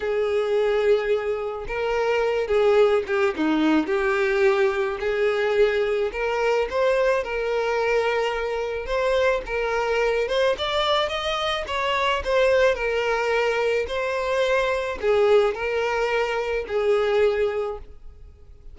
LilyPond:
\new Staff \with { instrumentName = "violin" } { \time 4/4 \tempo 4 = 108 gis'2. ais'4~ | ais'8 gis'4 g'8 dis'4 g'4~ | g'4 gis'2 ais'4 | c''4 ais'2. |
c''4 ais'4. c''8 d''4 | dis''4 cis''4 c''4 ais'4~ | ais'4 c''2 gis'4 | ais'2 gis'2 | }